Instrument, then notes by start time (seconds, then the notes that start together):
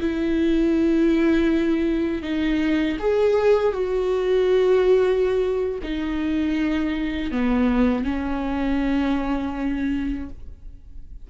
viola
0.00 E4
2.22 D#4
2.99 G#4
3.73 F#4
5.83 D#4
7.31 B3
8.04 C#4